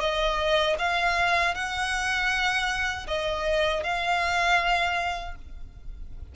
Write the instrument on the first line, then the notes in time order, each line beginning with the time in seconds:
violin
0.00 D#5
0.79 F5
1.55 F#5
3.07 D#5
3.84 F5